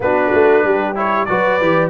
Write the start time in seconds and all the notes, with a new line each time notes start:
0.00 B3 D4 F#4 B4
0.33 A3
0.63 G3 G4
0.95 E4 C#5
1.25 F#3 F#4 B4 D5
1.60 E3 G4